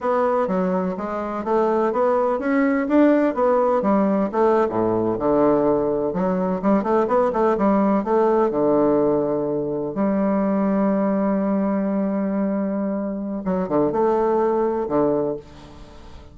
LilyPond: \new Staff \with { instrumentName = "bassoon" } { \time 4/4 \tempo 4 = 125 b4 fis4 gis4 a4 | b4 cis'4 d'4 b4 | g4 a8. a,4 d4~ d16~ | d8. fis4 g8 a8 b8 a8 g16~ |
g8. a4 d2~ d16~ | d8. g2.~ g16~ | g1 | fis8 d8 a2 d4 | }